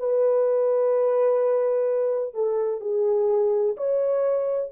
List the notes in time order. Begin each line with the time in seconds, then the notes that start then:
0.00 B4
2.35 A4
2.81 G#4
3.77 C#5